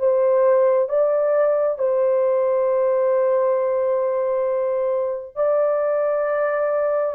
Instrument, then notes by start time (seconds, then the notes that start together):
horn
0.00 C5
0.89 D5
1.79 C5
5.36 D5